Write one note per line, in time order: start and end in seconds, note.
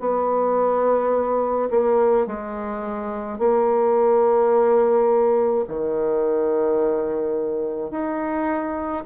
0.00 1.70 B3
1.71 2.27 A#3
2.27 3.39 G#3
3.39 5.66 A#3
5.68 7.91 D#3
7.91 9.05 D#4